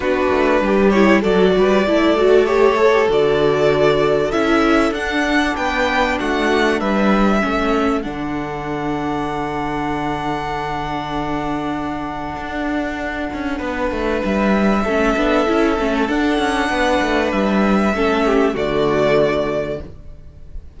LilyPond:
<<
  \new Staff \with { instrumentName = "violin" } { \time 4/4 \tempo 4 = 97 b'4. cis''8 d''2 | cis''4 d''2 e''4 | fis''4 g''4 fis''4 e''4~ | e''4 fis''2.~ |
fis''1~ | fis''2. e''4~ | e''2 fis''2 | e''2 d''2 | }
  \new Staff \with { instrumentName = "violin" } { \time 4/4 fis'4 g'4 a'8 b'8 a'4~ | a'1~ | a'4 b'4 fis'4 b'4 | a'1~ |
a'1~ | a'2 b'2 | a'2. b'4~ | b'4 a'8 g'8 fis'2 | }
  \new Staff \with { instrumentName = "viola" } { \time 4/4 d'4. e'8 fis'4 e'8 fis'8 | g'8 a'16 g'16 fis'2 e'4 | d'1 | cis'4 d'2.~ |
d'1~ | d'1 | cis'8 d'8 e'8 cis'8 d'2~ | d'4 cis'4 a2 | }
  \new Staff \with { instrumentName = "cello" } { \time 4/4 b8 a8 g4 fis8 g8 a4~ | a4 d2 cis'4 | d'4 b4 a4 g4 | a4 d2.~ |
d1 | d'4. cis'8 b8 a8 g4 | a8 b8 cis'8 a8 d'8 cis'8 b8 a8 | g4 a4 d2 | }
>>